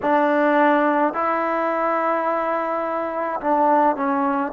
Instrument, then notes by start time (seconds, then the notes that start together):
trombone
0.02 D4
1.13 E4
3.40 D4
3.96 C#4